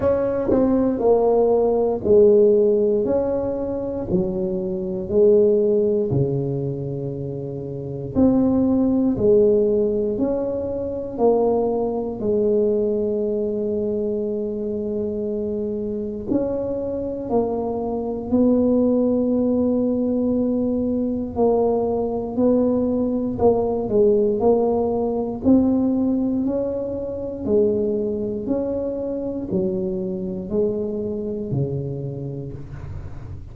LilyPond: \new Staff \with { instrumentName = "tuba" } { \time 4/4 \tempo 4 = 59 cis'8 c'8 ais4 gis4 cis'4 | fis4 gis4 cis2 | c'4 gis4 cis'4 ais4 | gis1 |
cis'4 ais4 b2~ | b4 ais4 b4 ais8 gis8 | ais4 c'4 cis'4 gis4 | cis'4 fis4 gis4 cis4 | }